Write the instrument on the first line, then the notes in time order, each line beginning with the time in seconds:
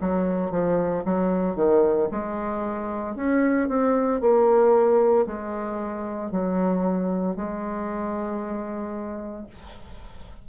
bassoon
0.00 F#3
0.51 F3
1.04 F#3
1.55 D#3
2.11 G#3
3.15 C#4
3.68 C4
4.20 A#3
5.26 G#3
6.31 F#3
7.35 G#3